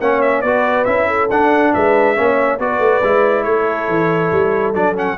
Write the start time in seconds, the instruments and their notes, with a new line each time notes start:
0.00 tuba A#3, trombone C#4, horn C#5, trumpet F#5
0.21 trumpet E5
0.41 tuba B3, trombone F#4, horn B4, trumpet D5
0.85 tuba C#4, trombone E4, trumpet E5
1.08 horn A4
1.30 tuba D4, trombone D4, trumpet F#5
1.73 tuba G#3, horn B4, trumpet E5
2.16 tuba A#3, trombone C#4, horn C#5
2.59 tuba B3, trombone F#4, horn B4, trumpet D5
2.79 tuba A3
3.03 tuba G#3, trombone E4
3.44 tuba A3, horn A4, trumpet C#5
3.88 tuba E3
4.32 tuba G3
4.74 tuba F#3, trombone D4, trumpet D5
4.95 trombone C#4, trumpet F#5